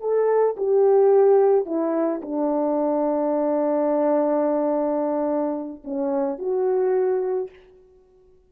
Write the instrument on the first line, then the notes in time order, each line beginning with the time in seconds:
horn
0.00 A4
0.57 G4
1.65 E4
2.22 D4
5.84 C#4
6.38 F#4